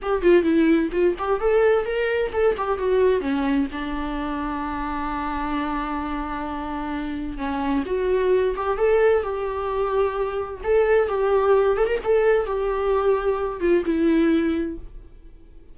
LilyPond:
\new Staff \with { instrumentName = "viola" } { \time 4/4 \tempo 4 = 130 g'8 f'8 e'4 f'8 g'8 a'4 | ais'4 a'8 g'8 fis'4 cis'4 | d'1~ | d'1 |
cis'4 fis'4. g'8 a'4 | g'2. a'4 | g'4. a'16 ais'16 a'4 g'4~ | g'4. f'8 e'2 | }